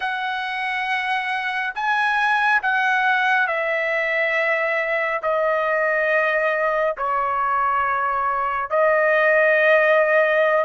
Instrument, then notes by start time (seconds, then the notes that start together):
trumpet
0.00 F#5
1.74 G#5
2.62 F#5
3.47 E5
5.22 D#5
6.97 C#5
8.70 D#5